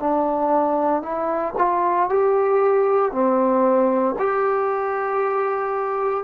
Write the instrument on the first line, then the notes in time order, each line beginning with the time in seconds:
trombone
0.00 D4
1.03 E4
1.58 F4
2.10 G4
3.12 C4
4.19 G4